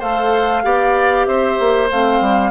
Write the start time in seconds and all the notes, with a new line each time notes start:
0.00 A3 A4 C5 F5
0.64 B3 G4 D5
1.26 C4 C5 E5
1.60 A#3
1.91 A3 C4 F5
2.21 G3